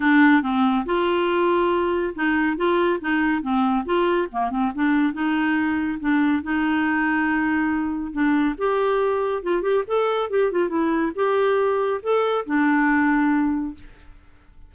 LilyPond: \new Staff \with { instrumentName = "clarinet" } { \time 4/4 \tempo 4 = 140 d'4 c'4 f'2~ | f'4 dis'4 f'4 dis'4 | c'4 f'4 ais8 c'8 d'4 | dis'2 d'4 dis'4~ |
dis'2. d'4 | g'2 f'8 g'8 a'4 | g'8 f'8 e'4 g'2 | a'4 d'2. | }